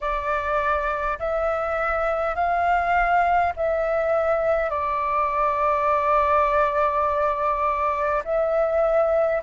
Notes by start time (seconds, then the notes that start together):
0.00 D5
1.19 E5
2.35 F5
3.56 E5
4.70 D5
8.24 E5